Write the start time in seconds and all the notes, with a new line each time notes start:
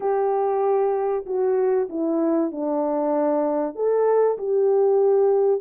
0.00 G4
1.26 F#4
1.89 E4
2.51 D4
3.75 A4
4.38 G4